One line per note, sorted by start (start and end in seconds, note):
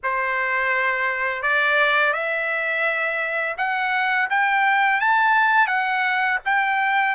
0.03 1.42 C5
1.42 2.13 D5
2.13 3.56 E5
3.57 4.29 F#5
4.30 5.00 G5
5.00 5.67 A5
5.67 6.38 F#5
6.44 7.15 G5